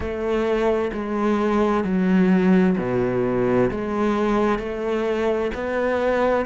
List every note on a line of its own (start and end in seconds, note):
0.00 0.91 A3
0.92 1.84 G#3
1.84 2.76 F#3
2.77 3.70 B2
3.70 4.59 G#3
4.59 5.51 A3
5.54 6.45 B3